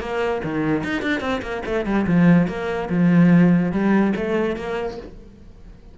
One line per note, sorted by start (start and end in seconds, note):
0.00 0.41 A#3
0.44 0.84 D#3
0.84 1.02 D#4
1.02 1.21 D4
1.21 1.41 C4
1.42 1.63 A#3
1.66 1.85 A3
1.85 2.06 G3
2.07 2.48 F3
2.48 2.89 A#3
2.90 3.72 F3
3.72 4.13 G3
4.16 4.56 A3
4.56 4.97 A#3